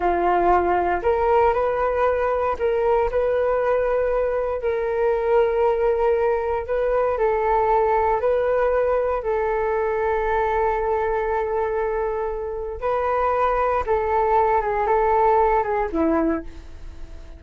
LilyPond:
\new Staff \with { instrumentName = "flute" } { \time 4/4 \tempo 4 = 117 f'2 ais'4 b'4~ | b'4 ais'4 b'2~ | b'4 ais'2.~ | ais'4 b'4 a'2 |
b'2 a'2~ | a'1~ | a'4 b'2 a'4~ | a'8 gis'8 a'4. gis'8 e'4 | }